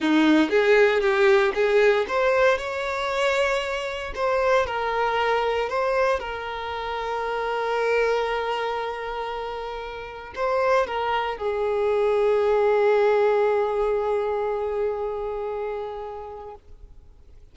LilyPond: \new Staff \with { instrumentName = "violin" } { \time 4/4 \tempo 4 = 116 dis'4 gis'4 g'4 gis'4 | c''4 cis''2. | c''4 ais'2 c''4 | ais'1~ |
ais'1 | c''4 ais'4 gis'2~ | gis'1~ | gis'1 | }